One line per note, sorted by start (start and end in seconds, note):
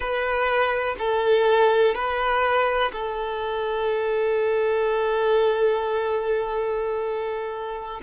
0.00 0.95 B4
0.99 1.94 A4
1.94 2.91 B4
2.92 8.00 A4